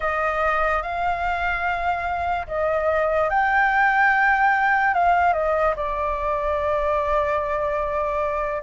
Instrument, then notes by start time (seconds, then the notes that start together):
flute
0.00 D#5
0.82 F5
2.47 D#5
3.29 G5
4.94 F5
5.33 D#5
5.76 D5